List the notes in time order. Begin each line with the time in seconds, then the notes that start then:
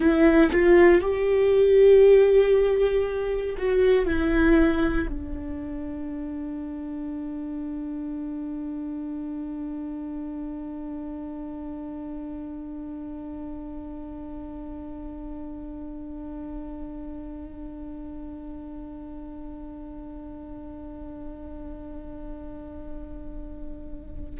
0.00 E4
0.51 F4
1.01 G4
3.57 F#4
4.06 E4
5.09 D4